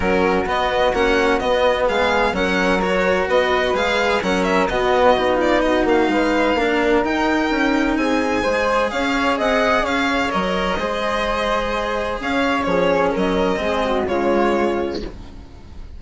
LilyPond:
<<
  \new Staff \with { instrumentName = "violin" } { \time 4/4 \tempo 4 = 128 ais'4 dis''4 fis''4 dis''4 | f''4 fis''4 cis''4 dis''4 | f''4 fis''8 e''8 dis''4. d''8 | dis''8 f''2~ f''8 g''4~ |
g''4 gis''2 f''4 | fis''4 f''4 dis''2~ | dis''2 f''4 cis''4 | dis''2 cis''2 | }
  \new Staff \with { instrumentName = "flute" } { \time 4/4 fis'1 | gis'4 ais'2 b'4~ | b'4 ais'4 fis'4. f'8 | fis'4 b'4 ais'2~ |
ais'4 gis'4 c''4 cis''4 | dis''4 cis''2 c''4~ | c''2 cis''4 gis'4 | ais'4 gis'8 fis'8 f'2 | }
  \new Staff \with { instrumentName = "cello" } { \time 4/4 cis'4 b4 cis'4 b4~ | b4 cis'4 fis'2 | gis'4 cis'4 b4 dis'4~ | dis'2 d'4 dis'4~ |
dis'2 gis'2~ | gis'2 ais'4 gis'4~ | gis'2. cis'4~ | cis'4 c'4 gis2 | }
  \new Staff \with { instrumentName = "bassoon" } { \time 4/4 fis4 b4 ais4 b4 | gis4 fis2 b4 | gis4 fis4 b,4 b4~ | b8 ais8 gis4 ais4 dis'4 |
cis'4 c'4 gis4 cis'4 | c'4 cis'4 fis4 gis4~ | gis2 cis'4 f4 | fis4 gis4 cis2 | }
>>